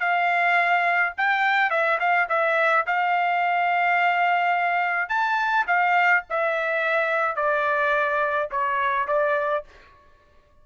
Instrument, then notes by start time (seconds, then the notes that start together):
trumpet
0.00 F5
1.18 G5
1.71 E5
2.00 F5
2.29 E5
2.87 F5
5.09 A5
5.67 F5
6.30 E5
7.36 D5
8.51 C#5
9.08 D5